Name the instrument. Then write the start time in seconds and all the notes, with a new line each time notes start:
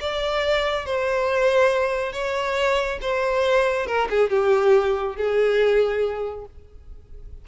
violin
0.00 D5
0.85 C5
2.12 C#5
3.01 C5
3.86 A#4
4.09 G#4
4.30 G4
5.16 G#4